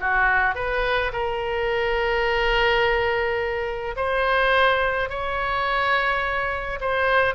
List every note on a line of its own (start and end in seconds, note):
0.00 0.55 F#4
0.55 1.12 B4
1.12 3.95 A#4
3.96 5.09 C5
5.09 6.79 C#5
6.81 7.35 C5